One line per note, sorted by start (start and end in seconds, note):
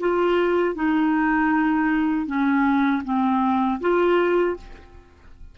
0.00 0.75 F4
0.75 2.27 D#4
2.27 3.03 C#4
3.04 3.80 C4
3.81 4.57 F4